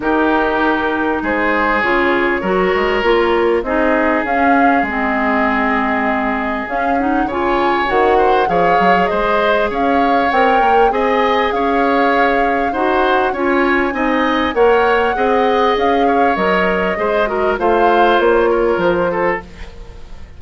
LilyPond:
<<
  \new Staff \with { instrumentName = "flute" } { \time 4/4 \tempo 4 = 99 ais'2 c''4 cis''4~ | cis''2 dis''4 f''4 | dis''2. f''8 fis''8 | gis''4 fis''4 f''4 dis''4 |
f''4 g''4 gis''4 f''4~ | f''4 fis''4 gis''2 | fis''2 f''4 dis''4~ | dis''4 f''4 cis''4 c''4 | }
  \new Staff \with { instrumentName = "oboe" } { \time 4/4 g'2 gis'2 | ais'2 gis'2~ | gis'1 | cis''4. c''8 cis''4 c''4 |
cis''2 dis''4 cis''4~ | cis''4 c''4 cis''4 dis''4 | cis''4 dis''4. cis''4. | c''8 ais'8 c''4. ais'4 a'8 | }
  \new Staff \with { instrumentName = "clarinet" } { \time 4/4 dis'2. f'4 | fis'4 f'4 dis'4 cis'4 | c'2. cis'8 dis'8 | f'4 fis'4 gis'2~ |
gis'4 ais'4 gis'2~ | gis'4 fis'4 f'4 dis'4 | ais'4 gis'2 ais'4 | gis'8 fis'8 f'2. | }
  \new Staff \with { instrumentName = "bassoon" } { \time 4/4 dis2 gis4 cis4 | fis8 gis8 ais4 c'4 cis'4 | gis2. cis'4 | cis4 dis4 f8 fis8 gis4 |
cis'4 c'8 ais8 c'4 cis'4~ | cis'4 dis'4 cis'4 c'4 | ais4 c'4 cis'4 fis4 | gis4 a4 ais4 f4 | }
>>